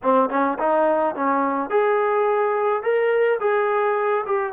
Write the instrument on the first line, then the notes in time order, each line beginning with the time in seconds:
trombone
0.02 C4
0.29 C#4
0.58 D#4
1.15 C#4
1.70 G#4
2.82 A#4
3.40 G#4
4.26 G4